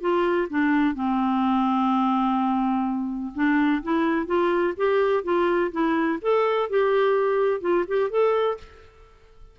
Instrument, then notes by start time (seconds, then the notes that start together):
clarinet
0.00 F4
0.49 D4
0.94 C4
3.35 D4
3.82 E4
4.26 F4
4.77 G4
5.23 F4
5.71 E4
6.22 A4
6.69 G4
7.61 F4
7.87 G4
8.10 A4